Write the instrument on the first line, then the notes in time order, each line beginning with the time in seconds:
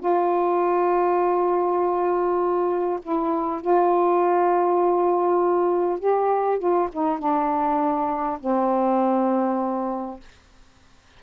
saxophone
0.00 F4
3.03 E4
3.61 F4
6.00 G4
6.59 F4
6.93 D#4
7.19 D4
8.41 C4